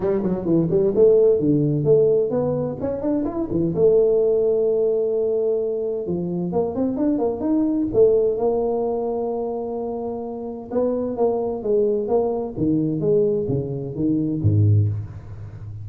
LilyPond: \new Staff \with { instrumentName = "tuba" } { \time 4/4 \tempo 4 = 129 g8 fis8 e8 g8 a4 d4 | a4 b4 cis'8 d'8 e'8 e8 | a1~ | a4 f4 ais8 c'8 d'8 ais8 |
dis'4 a4 ais2~ | ais2. b4 | ais4 gis4 ais4 dis4 | gis4 cis4 dis4 gis,4 | }